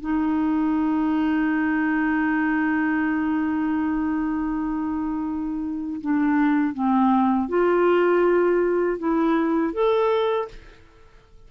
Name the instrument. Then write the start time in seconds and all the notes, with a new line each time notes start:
clarinet
0.00 D#4
6.00 D4
6.74 C4
7.48 F4
8.98 E4
9.73 A4